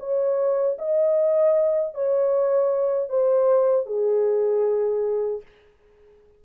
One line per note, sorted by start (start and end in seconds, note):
0.00 0.78 C#5
0.79 1.95 D#5
1.95 3.10 C#5
3.10 3.86 C5
3.86 5.42 G#4